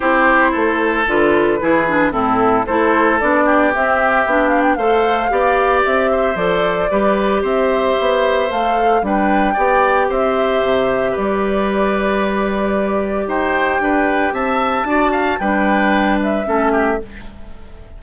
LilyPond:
<<
  \new Staff \with { instrumentName = "flute" } { \time 4/4 \tempo 4 = 113 c''2 b'2 | a'4 c''4 d''4 e''4~ | e''8 f''16 g''16 f''2 e''4 | d''2 e''2 |
f''4 g''2 e''4~ | e''4 d''2.~ | d''4 g''2 a''4~ | a''4 g''4. e''4. | }
  \new Staff \with { instrumentName = "oboe" } { \time 4/4 g'4 a'2 gis'4 | e'4 a'4. g'4.~ | g'4 c''4 d''4. c''8~ | c''4 b'4 c''2~ |
c''4 b'4 d''4 c''4~ | c''4 b'2.~ | b'4 c''4 b'4 e''4 | d''8 f''8 b'2 a'8 g'8 | }
  \new Staff \with { instrumentName = "clarinet" } { \time 4/4 e'2 f'4 e'8 d'8 | c'4 e'4 d'4 c'4 | d'4 a'4 g'2 | a'4 g'2. |
a'4 d'4 g'2~ | g'1~ | g'1 | fis'4 d'2 cis'4 | }
  \new Staff \with { instrumentName = "bassoon" } { \time 4/4 c'4 a4 d4 e4 | a,4 a4 b4 c'4 | b4 a4 b4 c'4 | f4 g4 c'4 b4 |
a4 g4 b4 c'4 | c4 g2.~ | g4 dis'4 d'4 c'4 | d'4 g2 a4 | }
>>